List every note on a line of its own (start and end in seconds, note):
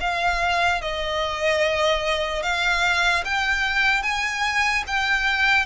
0.00 0.81 F5
0.81 2.43 D#5
2.43 3.24 F5
3.24 4.03 G5
4.03 4.84 G#5
4.87 5.66 G5